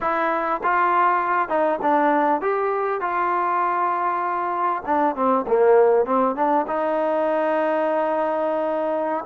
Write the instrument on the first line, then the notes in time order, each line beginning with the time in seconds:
trombone
0.00 E4
0.63 F4
1.48 D#4
1.82 D4
2.41 G4
3.01 F4
4.85 D4
5.15 C4
5.47 A#3
6.05 C4
6.35 D4
6.67 D#4